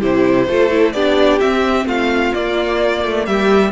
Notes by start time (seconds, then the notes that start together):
0.00 C3 E4 G4 C5
0.48 A3 F4 A4
0.71 E4
0.92 B3 D4 G4 D5
1.40 C4 E5
1.85 A3 F4 F5
2.34 A#3 D5
3.04 A3
3.26 G3 G4 E5